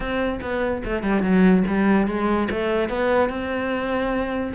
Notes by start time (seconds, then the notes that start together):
0.00 C4
0.41 B3
0.84 A3
1.02 G3
1.22 F#3
1.67 G3
2.07 G#3
2.51 A3
2.89 B3
3.29 C4